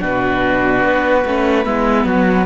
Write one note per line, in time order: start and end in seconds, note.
0.00 0.84 B2
0.00 1.23 D4
0.00 1.65 F#4
0.00 2.47 B4
0.84 1.25 B3
1.26 1.66 A3
1.26 1.64 C#4
1.64 2.05 G#3
1.64 2.46 B3
1.64 2.06 E4
2.05 2.46 F#3
2.05 2.47 F#4